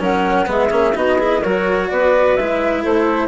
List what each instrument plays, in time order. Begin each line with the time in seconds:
0.00 bassoon F#3, cello C#4, clarinet A#4, flute F#5
0.47 bassoon G#3, cello B3, clarinet G#4, flute E5
0.71 bassoon A#3, cello C#4
0.95 bassoon B3, cello D#4, clarinet F#4, flute D#5
1.18 cello E4, clarinet G#4
1.42 bassoon F#3, cello F#4, clarinet A#4, flute C#5
1.90 bassoon B3, clarinet B4, flute D5
2.36 bassoon G#3, cello E4, flute E5
2.83 bassoon A3, clarinet A4, flute C5